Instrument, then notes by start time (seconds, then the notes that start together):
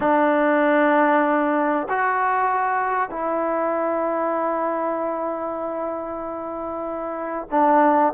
trombone
0.00 D4
1.89 F#4
3.10 E4
7.50 D4